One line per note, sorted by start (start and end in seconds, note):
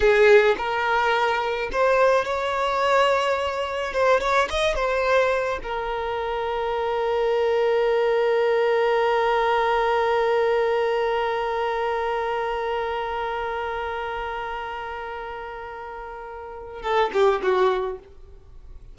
0.00 0.55 G#4
0.57 1.69 A#4
1.72 2.24 C5
2.24 3.93 C#5
3.93 4.20 C5
4.20 4.48 C#5
4.50 4.75 D#5
4.75 5.59 C5
5.63 16.82 A#4
16.82 17.10 A4
17.13 17.41 G4
17.42 17.98 F#4